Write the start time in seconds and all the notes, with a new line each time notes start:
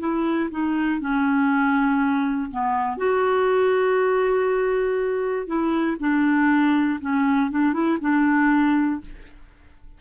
0.00 E4
0.50 D#4
1.00 C#4
2.50 B3
2.97 F#4
5.47 E4
6.00 D4
7.01 C#4
7.50 D4
7.73 E4
8.01 D4